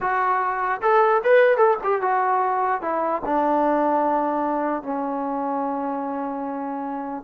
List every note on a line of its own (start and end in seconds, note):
0.00 0.81 F#4
0.81 1.22 A4
1.24 1.57 B4
1.57 1.77 A4
1.83 2.01 G4
2.01 2.81 F#4
2.81 3.22 E4
3.25 4.82 D4
4.82 7.23 C#4